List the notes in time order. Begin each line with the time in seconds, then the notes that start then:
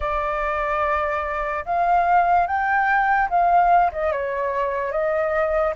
0.00 D5
1.65 F5
2.46 G5
3.29 F5
3.92 D#5
4.11 C#5
4.91 D#5